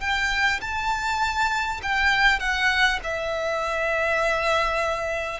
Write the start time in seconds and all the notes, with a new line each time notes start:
0.00 G5
0.61 A5
1.82 G5
2.39 F#5
3.03 E5